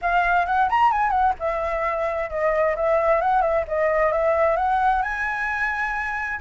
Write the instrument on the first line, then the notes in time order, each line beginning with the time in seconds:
flute
0.01 F5
0.46 F#5
0.69 A#5
0.91 G#5
1.10 F#5
1.39 E5
2.29 D#5
2.75 E5
3.21 F#5
3.41 E5
3.67 D#5
4.12 E5
4.56 F#5
5.02 G#5